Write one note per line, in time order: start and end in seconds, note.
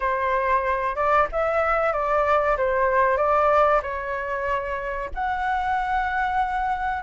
0.00 0.95 C5
0.95 1.27 D5
1.31 1.93 E5
1.93 2.56 D5
2.57 3.17 C5
3.17 3.80 D5
3.82 5.09 C#5
5.14 7.03 F#5